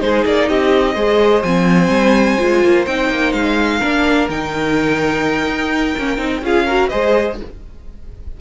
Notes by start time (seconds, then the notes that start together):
0.00 G#3 D#4 G#4 C5
0.25 A#3 D5
0.49 C4 G4 D#5
0.94 G#3 G#4 C5
1.42 F3 C4 G#5
1.88 G3
2.38 G#3 F4
2.63 A#3
2.86 C4 D#4 G5
3.09 A#3
3.32 G#3 F5
3.78 A#3 D4 A#4
4.28 D#3 D#4 G5
5.46 D#4
5.97 A#3 C#4
6.17 C4 D#4
6.41 C#4 F4 G#4 F5
6.65 F#4 A#4
6.88 G#3 G#4 C5 D#5